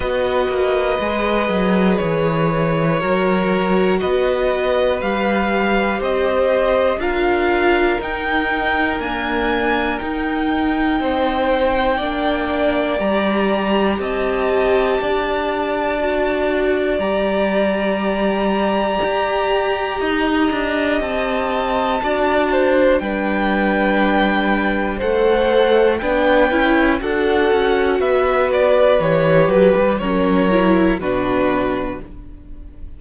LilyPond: <<
  \new Staff \with { instrumentName = "violin" } { \time 4/4 \tempo 4 = 60 dis''2 cis''2 | dis''4 f''4 dis''4 f''4 | g''4 gis''4 g''2~ | g''4 ais''4 a''2~ |
a''4 ais''2.~ | ais''4 a''2 g''4~ | g''4 fis''4 g''4 fis''4 | e''8 d''8 cis''8 b'8 cis''4 b'4 | }
  \new Staff \with { instrumentName = "violin" } { \time 4/4 b'2. ais'4 | b'2 c''4 ais'4~ | ais'2. c''4 | d''2 dis''4 d''4~ |
d''1 | dis''2 d''8 c''8 b'4~ | b'4 c''4 b'4 a'4 | b'2 ais'4 fis'4 | }
  \new Staff \with { instrumentName = "viola" } { \time 4/4 fis'4 gis'2 fis'4~ | fis'4 g'2 f'4 | dis'4 ais4 dis'2 | d'4 g'2. |
fis'4 g'2.~ | g'2 fis'4 d'4~ | d'4 a'4 d'8 e'8 fis'4~ | fis'4 g'4 cis'8 e'8 d'4 | }
  \new Staff \with { instrumentName = "cello" } { \time 4/4 b8 ais8 gis8 fis8 e4 fis4 | b4 g4 c'4 d'4 | dis'4 d'4 dis'4 c'4 | ais4 g4 c'4 d'4~ |
d'4 g2 g'4 | dis'8 d'8 c'4 d'4 g4~ | g4 a4 b8 cis'8 d'8 cis'8 | b4 e8 fis16 g16 fis4 b,4 | }
>>